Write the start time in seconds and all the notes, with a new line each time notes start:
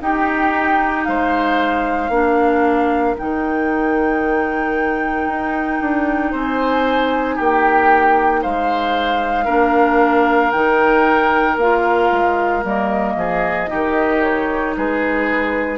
0.00 D#4 G4 G5
1.05 G#3 C5 F5
2.09 A#3 D4 A#4
3.18 D#3 D#4 G5
5.28 D#4
5.80 D4
6.31 C4 C5 G#5
7.35 A#3 G4 G5
8.42 G#3 C5 F5
9.45 A#3 D4 A#4
10.51 D#3 D#4 G5
11.57 A#3 F4 F5
12.12 G#3
12.63 G3 A#3 D#5
13.16 F3 G#4
13.67 D#3 D#4 G4
14.23 C#5
14.77 G#3 G#4 B4